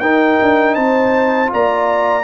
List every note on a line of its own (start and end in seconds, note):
0.00 0.38 D#4
0.00 1.47 D#4
0.00 0.75 A#4
0.00 0.75 G5
0.41 0.76 D4
0.75 1.51 C4
0.75 1.50 C5
0.75 1.50 A5
1.47 2.22 F4
1.53 2.24 A#3
1.53 2.24 D5
1.53 2.24 A#5